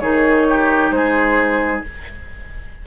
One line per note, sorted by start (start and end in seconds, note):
0.00 0.91 D#3
0.00 1.84 D#4
0.00 0.47 G#4
0.00 0.91 C#5
0.50 0.95 G4
0.91 1.82 G#3
0.91 1.87 G#4
0.91 1.82 C5